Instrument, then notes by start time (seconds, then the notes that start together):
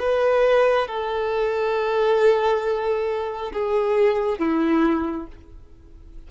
violin
0.00 B4
0.88 A4
3.53 G#4
4.39 E4